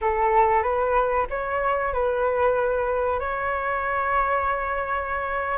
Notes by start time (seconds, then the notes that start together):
0.01 A4
0.62 B4
1.30 C#5
1.93 B4
3.19 C#5